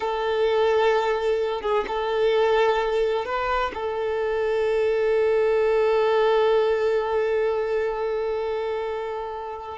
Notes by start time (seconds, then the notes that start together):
0.00 A4
1.61 G#4
1.87 A4
3.25 B4
3.74 A4